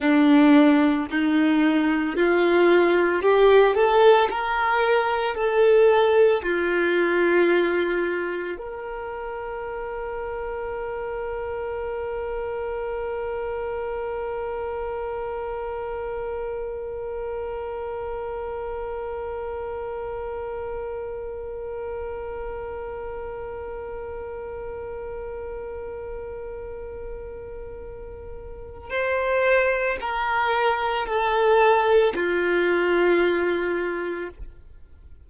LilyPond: \new Staff \with { instrumentName = "violin" } { \time 4/4 \tempo 4 = 56 d'4 dis'4 f'4 g'8 a'8 | ais'4 a'4 f'2 | ais'1~ | ais'1~ |
ais'1~ | ais'1~ | ais'2. c''4 | ais'4 a'4 f'2 | }